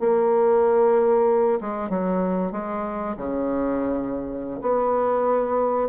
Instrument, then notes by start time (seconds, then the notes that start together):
bassoon
0.00 A#3
1.60 G#3
1.89 F#3
2.52 G#3
3.17 C#3
4.62 B3